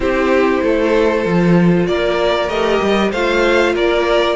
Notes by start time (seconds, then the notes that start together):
0.00 C4 E4 G4 C5
0.62 A3 A4
1.23 F3 F4
1.87 A#3 A#4 D5
2.48 A3 G4 D#5
2.81 G3
3.11 A3 F4 C5 F5
3.74 A#3 A#4 D5